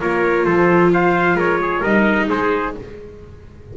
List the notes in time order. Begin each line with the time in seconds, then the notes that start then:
0.00 A#3 F4 A#4 C#5
0.45 F3 A4 C5
0.93 C5 F5
1.34 G#3 A#4 C#5
1.61 G#4
1.80 G3 D#4 A#4 D#5
2.29 G#3 G#4 C5